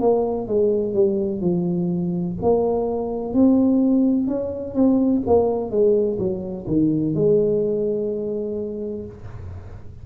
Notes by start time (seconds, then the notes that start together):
0.00 A#3
0.47 G#3
0.94 G3
1.41 F3
2.42 A#3
3.33 C4
4.27 C#4
4.74 C4
5.26 A#3
5.70 G#3
6.18 F#3
6.67 D#3
7.14 G#3